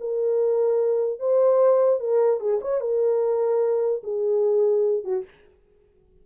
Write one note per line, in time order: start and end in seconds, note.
0.00 1.19 A#4
1.19 1.99 C5
1.99 2.40 A#4
2.40 2.60 G#4
2.61 2.80 C#5
2.80 4.02 A#4
4.03 5.04 G#4
5.04 5.24 F#4